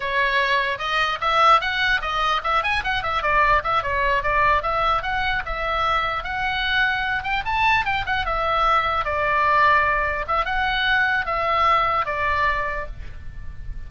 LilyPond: \new Staff \with { instrumentName = "oboe" } { \time 4/4 \tempo 4 = 149 cis''2 dis''4 e''4 | fis''4 dis''4 e''8 gis''8 fis''8 e''8 | d''4 e''8 cis''4 d''4 e''8~ | e''8 fis''4 e''2 fis''8~ |
fis''2 g''8 a''4 g''8 | fis''8 e''2 d''4.~ | d''4. e''8 fis''2 | e''2 d''2 | }